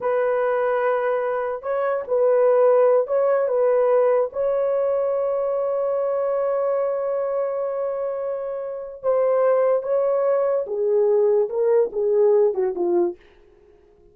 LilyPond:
\new Staff \with { instrumentName = "horn" } { \time 4/4 \tempo 4 = 146 b'1 | cis''4 b'2~ b'8 cis''8~ | cis''8 b'2 cis''4.~ | cis''1~ |
cis''1~ | cis''2 c''2 | cis''2 gis'2 | ais'4 gis'4. fis'8 f'4 | }